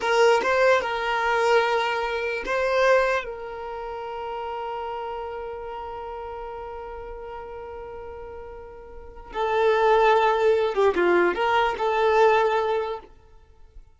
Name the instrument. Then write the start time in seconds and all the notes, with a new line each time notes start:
violin
0.00 A#4
0.43 C5
0.81 A#4
2.45 C5
3.24 A#4
9.32 A4
10.74 G4
10.95 F4
11.34 A#4
11.78 A4